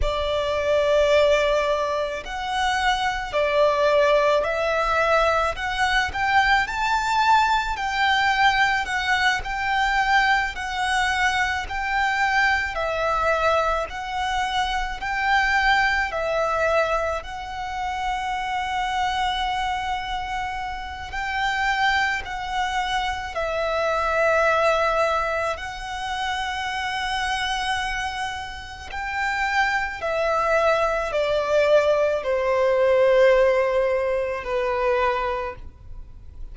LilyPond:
\new Staff \with { instrumentName = "violin" } { \time 4/4 \tempo 4 = 54 d''2 fis''4 d''4 | e''4 fis''8 g''8 a''4 g''4 | fis''8 g''4 fis''4 g''4 e''8~ | e''8 fis''4 g''4 e''4 fis''8~ |
fis''2. g''4 | fis''4 e''2 fis''4~ | fis''2 g''4 e''4 | d''4 c''2 b'4 | }